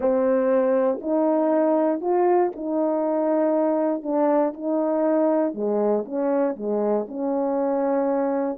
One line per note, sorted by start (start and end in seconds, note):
0.00 0.99 C4
1.01 2.01 D#4
2.01 2.51 F4
2.55 4.02 D#4
4.02 4.53 D4
4.53 5.54 D#4
5.54 6.04 G#3
6.05 6.55 C#4
6.55 7.06 G#3
7.07 8.58 C#4